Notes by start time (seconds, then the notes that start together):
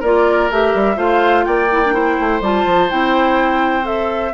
0.00 A#3 F4 A#4 D5
0.50 A3 G4 E5
0.74 G3
0.96 A3 F4 C5 F5
1.45 A#3 D5 G5
1.71 E4
1.85 D4
1.93 E4 C5
2.20 A3
2.41 G3 F4 A5
2.66 F3
2.89 C4 E4 G5
3.83 A4 E5